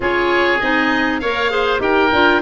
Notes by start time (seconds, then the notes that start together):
0.00 C#4 F4 G#4 C#5
0.60 C4 D#4 D#5
1.19 A#3 A#4 C#5 F5
1.50 G#4 C5
1.78 D#4 G4 A#4 G5
2.12 D4 F4